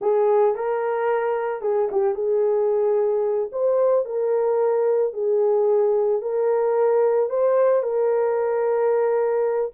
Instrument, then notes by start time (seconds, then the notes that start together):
horn
0.01 G#4
0.55 A#4
1.61 G#4
1.91 G4
2.14 G#4
3.51 C5
4.05 A#4
5.13 G#4
6.21 A#4
7.29 C5
7.82 A#4